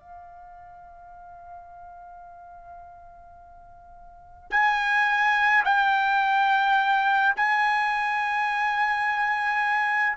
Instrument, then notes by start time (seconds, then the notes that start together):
trumpet
0.00 F5
4.51 G#5
5.65 G5
7.37 G#5